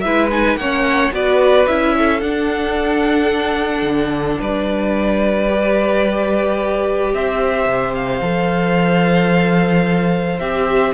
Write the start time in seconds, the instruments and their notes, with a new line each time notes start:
0.00 cello G#3, viola E4, violin B4 E5
0.31 viola D#4, violin G#5
0.55 cello A#3, viola C#4, violin C#5 F#5
1.11 cello B3, viola F#4, violin B4 D5
1.66 cello C#4, viola E4, violin E5
1.98 violin A4
2.21 viola D4, cello D4, violin F#5
3.82 cello D3
4.40 cello G3, violin B4 D5
5.48 viola G4
7.13 cello C4, violin C5 E5
7.66 cello C3
7.94 violin F5
8.21 cello F3, viola A4
10.39 cello C4, viola G4, violin E5